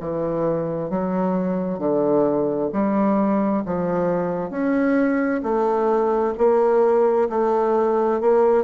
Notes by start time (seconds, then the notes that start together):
0.00 E3
0.90 F#3
1.79 D3
2.72 G3
3.65 F3
4.50 C#4
5.43 A3
6.38 A#3
7.29 A3
8.21 A#3